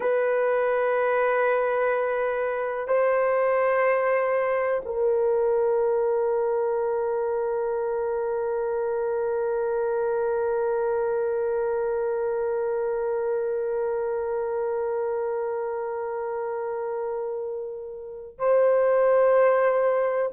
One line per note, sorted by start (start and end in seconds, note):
0.00 2.87 B4
2.87 4.81 C5
4.85 18.38 A#4
18.38 20.31 C5